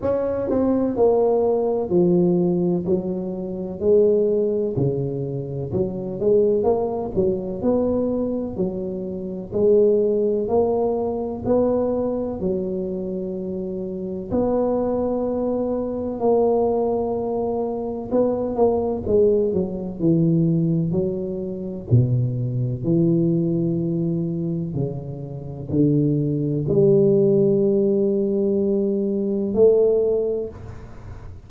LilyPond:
\new Staff \with { instrumentName = "tuba" } { \time 4/4 \tempo 4 = 63 cis'8 c'8 ais4 f4 fis4 | gis4 cis4 fis8 gis8 ais8 fis8 | b4 fis4 gis4 ais4 | b4 fis2 b4~ |
b4 ais2 b8 ais8 | gis8 fis8 e4 fis4 b,4 | e2 cis4 d4 | g2. a4 | }